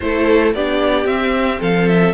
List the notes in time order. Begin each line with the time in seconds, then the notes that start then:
0.00 A3 E4 A4 C5
0.54 B3 D4 G4 D5
1.05 C4 E5
1.59 F3 A4 F5
1.87 E5